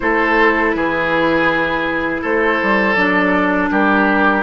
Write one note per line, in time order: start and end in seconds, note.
0.00 0.74 A3
0.00 2.95 E4
0.00 0.75 A4
0.00 0.70 C5
0.70 2.22 E3
0.70 2.21 G#4
0.70 2.18 B4
2.21 2.60 A3
2.21 3.69 A4
2.21 2.94 C5
2.62 2.96 G3
2.94 3.70 F#3
2.94 4.43 D4
2.94 3.68 D5
3.71 4.43 G3
3.71 4.43 G4
3.71 4.43 A#4